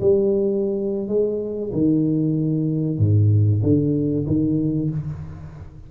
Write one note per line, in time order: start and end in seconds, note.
0.00 1.08 G3
1.08 1.71 G#3
1.72 2.98 D#3
2.98 3.61 G#2
3.63 4.26 D3
4.27 4.90 D#3